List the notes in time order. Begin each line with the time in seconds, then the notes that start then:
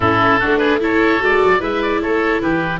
0.00 A2 C#4 E4 A4
0.39 A3 D4 F#4
0.57 G#4 B4
0.80 E4 A4 C#5
1.19 G#3 F#4 D5
1.44 F#3
1.59 G#3 E4 B4 E5
1.82 D5
2.01 A3 A4 C#5
2.41 E3 G4 B4